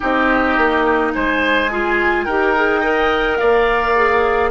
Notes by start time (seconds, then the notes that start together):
0.00 C4 D#4 G4 D#5
0.57 A#3
1.12 G#3 C5 G#5
1.71 F4 G#4
2.25 D#4 G4 A#4 G5
2.55 G#4
2.80 A#4 D#5
3.37 A#3 D5 F5
3.95 G#4